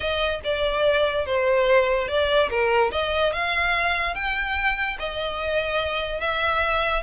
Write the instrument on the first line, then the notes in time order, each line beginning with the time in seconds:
violin
0.00 D#5
0.44 D5
1.25 C5
2.07 D5
2.49 A#4
2.91 D#5
3.32 F5
4.14 G5
4.99 D#5
6.20 E5